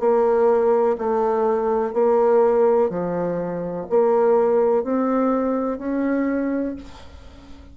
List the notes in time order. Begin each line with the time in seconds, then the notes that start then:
0.00 A#3
0.99 A3
1.94 A#3
2.90 F3
3.90 A#3
4.84 C4
5.79 C#4